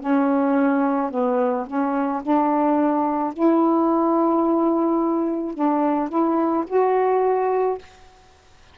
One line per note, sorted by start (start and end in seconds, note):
0.00 1.11 C#4
1.11 1.66 B3
1.67 2.22 C#4
2.23 3.33 D4
3.33 5.54 E4
5.54 6.09 D4
6.09 6.65 E4
6.67 7.78 F#4